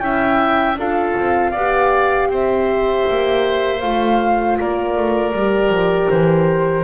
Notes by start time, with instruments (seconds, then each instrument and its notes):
0.00 double bass C#4, horn E4, oboe E5, flute G5
0.76 double bass D4, horn F4, oboe A4, flute F5
1.18 double bass C4
1.51 double bass B3, horn G4, oboe D5
2.29 double bass C4, oboe C5, flute E5
3.10 double bass A#3
3.81 double bass A3, horn F4, flute F5
4.60 double bass A#3, oboe A#4, flute D5
4.97 double bass A3
5.32 double bass G3, horn G4
5.69 double bass F3
6.10 double bass E3, flute C5